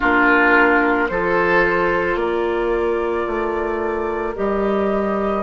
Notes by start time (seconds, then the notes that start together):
0.00 A#3 D4 F4 A#4
1.08 F3 F4 A4 C5
2.15 A#3 A#4 D5
3.26 A3
4.35 G3 G4 D#5